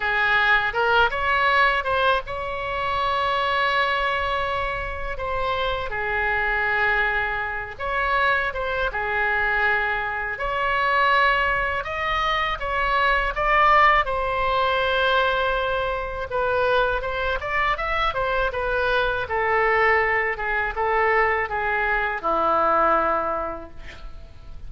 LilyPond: \new Staff \with { instrumentName = "oboe" } { \time 4/4 \tempo 4 = 81 gis'4 ais'8 cis''4 c''8 cis''4~ | cis''2. c''4 | gis'2~ gis'8 cis''4 c''8 | gis'2 cis''2 |
dis''4 cis''4 d''4 c''4~ | c''2 b'4 c''8 d''8 | e''8 c''8 b'4 a'4. gis'8 | a'4 gis'4 e'2 | }